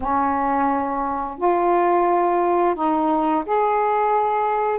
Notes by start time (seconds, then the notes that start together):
0.00 C#4
1.38 F4
2.75 D#4
3.46 G#4